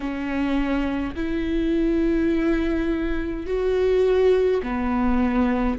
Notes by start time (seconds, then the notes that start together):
0.00 C#4
1.15 E4
3.46 F#4
4.62 B3